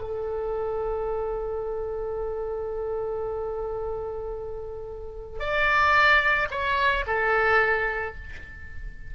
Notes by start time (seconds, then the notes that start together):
0.00 A4
5.40 D5
6.51 C#5
7.07 A4